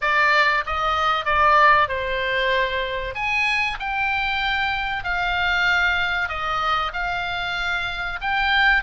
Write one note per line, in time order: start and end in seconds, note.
0.01 0.64 D5
0.66 1.25 D#5
1.25 1.88 D5
1.88 3.14 C5
3.14 3.77 G#5
3.79 5.04 G5
5.04 6.28 F5
6.28 6.92 D#5
6.93 8.19 F5
8.21 8.83 G5